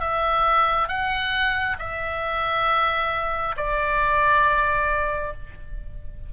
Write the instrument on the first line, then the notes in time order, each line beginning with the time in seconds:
oboe
0.00 E5
0.88 F#5
1.78 E5
3.56 D5